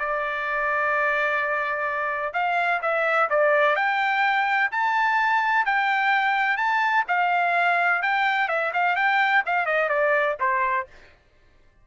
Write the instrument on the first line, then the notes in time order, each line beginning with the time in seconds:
trumpet
0.00 D5
2.34 F5
2.82 E5
3.30 D5
3.76 G5
4.72 A5
5.66 G5
6.57 A5
7.08 F5
8.03 G5
8.48 E5
8.74 F5
8.96 G5
9.46 F5
9.66 D#5
9.89 D5
10.40 C5